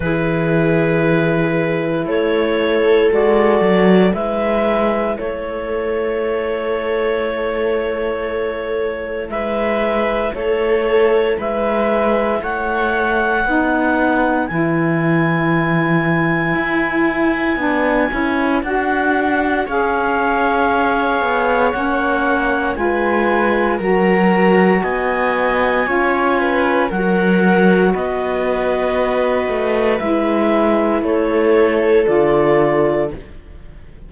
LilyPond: <<
  \new Staff \with { instrumentName = "clarinet" } { \time 4/4 \tempo 4 = 58 b'2 cis''4 d''4 | e''4 cis''2.~ | cis''4 e''4 cis''4 e''4 | fis''2 gis''2~ |
gis''2 fis''4 f''4~ | f''4 fis''4 gis''4 ais''4 | gis''2 fis''4 dis''4~ | dis''4 e''4 cis''4 d''4 | }
  \new Staff \with { instrumentName = "viola" } { \time 4/4 gis'2 a'2 | b'4 a'2.~ | a'4 b'4 a'4 b'4 | cis''4 b'2.~ |
b'2. cis''4~ | cis''2 b'4 ais'4 | dis''4 cis''8 b'8 ais'4 b'4~ | b'2 a'2 | }
  \new Staff \with { instrumentName = "saxophone" } { \time 4/4 e'2. fis'4 | e'1~ | e'1~ | e'4 dis'4 e'2~ |
e'4 d'8 e'8 fis'4 gis'4~ | gis'4 cis'4 f'4 fis'4~ | fis'4 f'4 fis'2~ | fis'4 e'2 f'4 | }
  \new Staff \with { instrumentName = "cello" } { \time 4/4 e2 a4 gis8 fis8 | gis4 a2.~ | a4 gis4 a4 gis4 | a4 b4 e2 |
e'4 b8 cis'8 d'4 cis'4~ | cis'8 b8 ais4 gis4 fis4 | b4 cis'4 fis4 b4~ | b8 a8 gis4 a4 d4 | }
>>